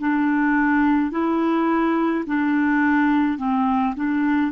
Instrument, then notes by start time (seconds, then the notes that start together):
clarinet
0.00 D4
1.12 E4
2.26 D4
3.38 C4
3.96 D4